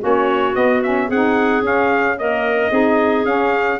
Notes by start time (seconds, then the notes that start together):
0.00 A#3 C#4 F#4 C#5
0.54 B3 D#5
0.83 C#4 E5
1.08 C4 D#4 G#4 F#5
1.61 C#4 F5
2.17 A#3 A#4 D#5
2.71 C4 D#4 G#4
3.25 C#4 F5